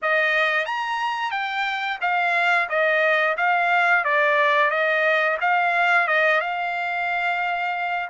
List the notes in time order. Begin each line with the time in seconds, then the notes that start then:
0.02 D#5
0.65 A#5
1.31 G5
2.01 F5
2.69 D#5
3.37 F5
4.04 D5
4.70 D#5
5.41 F5
6.07 D#5
6.40 F5